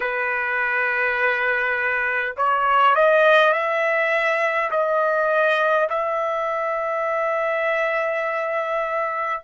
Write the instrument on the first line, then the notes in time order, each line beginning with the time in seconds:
trumpet
0.00 B4
2.36 C#5
2.95 D#5
3.52 E5
4.71 D#5
5.89 E5